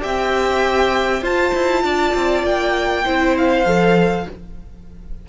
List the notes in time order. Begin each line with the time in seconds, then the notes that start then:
0.00 C4 G4 E5 G5
1.22 F4 C5 A5
1.55 E4
1.84 D4 D5
2.15 C4
2.44 A#3 G5
3.05 C4 E4 C5
3.38 F5
3.65 F3 A4